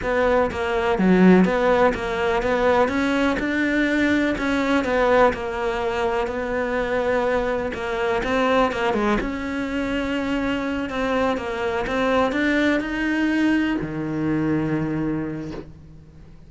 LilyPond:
\new Staff \with { instrumentName = "cello" } { \time 4/4 \tempo 4 = 124 b4 ais4 fis4 b4 | ais4 b4 cis'4 d'4~ | d'4 cis'4 b4 ais4~ | ais4 b2. |
ais4 c'4 ais8 gis8 cis'4~ | cis'2~ cis'8 c'4 ais8~ | ais8 c'4 d'4 dis'4.~ | dis'8 dis2.~ dis8 | }